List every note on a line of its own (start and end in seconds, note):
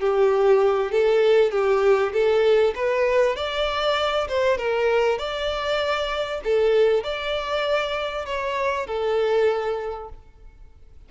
0.00 0.92 G4
0.92 1.51 A4
1.51 2.12 G4
2.13 2.74 A4
2.75 3.36 B4
3.36 4.27 D5
4.28 4.58 C5
4.58 5.18 A#4
5.18 6.41 D5
6.44 7.04 A4
7.04 8.26 D5
8.26 8.86 C#5
8.86 10.09 A4